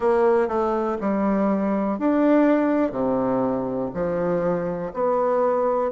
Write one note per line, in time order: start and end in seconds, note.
0.00 0.47 A#3
0.47 0.97 A3
1.01 1.99 G3
1.99 2.92 D4
2.92 3.90 C3
3.93 4.92 F3
4.93 5.91 B3